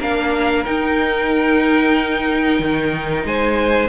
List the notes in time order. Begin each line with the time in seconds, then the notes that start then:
0.00 A#3 D4 A#4 F5
0.65 D#4 G5
2.60 D#3
3.25 G#3 C5 G#5